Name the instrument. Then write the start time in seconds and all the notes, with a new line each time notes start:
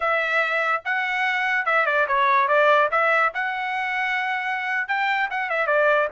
trumpet
0.00 E5
0.84 F#5
1.65 E5
1.86 D5
2.07 C#5
2.47 D5
2.91 E5
3.34 F#5
4.87 G5
5.30 F#5
5.49 E5
5.66 D5